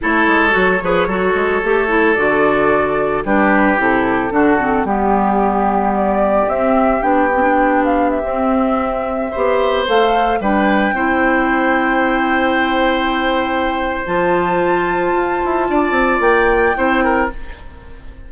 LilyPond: <<
  \new Staff \with { instrumentName = "flute" } { \time 4/4 \tempo 4 = 111 cis''1 | d''2 b'4 a'4~ | a'4 g'2 d''4 | e''4 g''4. f''8 e''4~ |
e''2~ e''16 f''4 g''8.~ | g''1~ | g''2 a''2~ | a''2 g''2 | }
  \new Staff \with { instrumentName = "oboe" } { \time 4/4 a'4. b'8 a'2~ | a'2 g'2 | fis'4 g'2.~ | g'1~ |
g'4~ g'16 c''2 b'8.~ | b'16 c''2.~ c''8.~ | c''1~ | c''4 d''2 c''8 ais'8 | }
  \new Staff \with { instrumentName = "clarinet" } { \time 4/4 e'4 fis'8 gis'8 fis'4 g'8 e'8 | fis'2 d'4 e'4 | d'8 c'8 b2. | c'4 d'8 c'16 d'4. c'8.~ |
c'4~ c'16 g'4 a'4 d'8.~ | d'16 e'2.~ e'8.~ | e'2 f'2~ | f'2. e'4 | }
  \new Staff \with { instrumentName = "bassoon" } { \time 4/4 a8 gis8 fis8 f8 fis8 gis8 a4 | d2 g4 c4 | d4 g2. | c'4 b2~ b16 c'8.~ |
c'4~ c'16 b4 a4 g8.~ | g16 c'2.~ c'8.~ | c'2 f2 | f'8 e'8 d'8 c'8 ais4 c'4 | }
>>